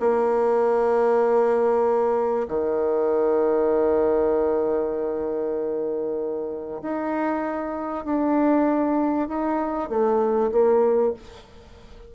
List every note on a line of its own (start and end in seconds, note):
0.00 2.47 A#3
2.48 6.81 D#3
6.82 8.05 D#4
8.05 9.28 D4
9.28 9.89 D#4
9.89 10.51 A3
10.52 11.14 A#3